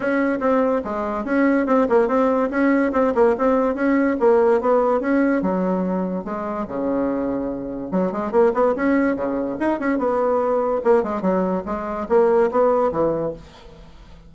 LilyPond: \new Staff \with { instrumentName = "bassoon" } { \time 4/4 \tempo 4 = 144 cis'4 c'4 gis4 cis'4 | c'8 ais8 c'4 cis'4 c'8 ais8 | c'4 cis'4 ais4 b4 | cis'4 fis2 gis4 |
cis2. fis8 gis8 | ais8 b8 cis'4 cis4 dis'8 cis'8 | b2 ais8 gis8 fis4 | gis4 ais4 b4 e4 | }